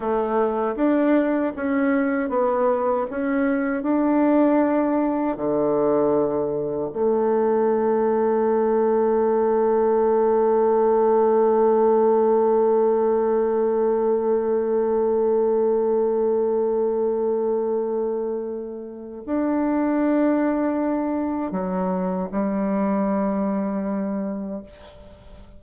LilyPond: \new Staff \with { instrumentName = "bassoon" } { \time 4/4 \tempo 4 = 78 a4 d'4 cis'4 b4 | cis'4 d'2 d4~ | d4 a2.~ | a1~ |
a1~ | a1~ | a4 d'2. | fis4 g2. | }